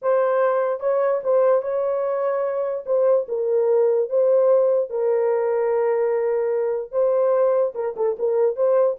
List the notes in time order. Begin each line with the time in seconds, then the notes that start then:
0.02 C5
0.80 C#5
1.23 C5
1.62 C#5
2.86 C5
3.28 A#4
4.09 C5
4.90 A#4
6.91 C5
7.74 A#4
7.96 A4
8.18 A#4
8.55 C5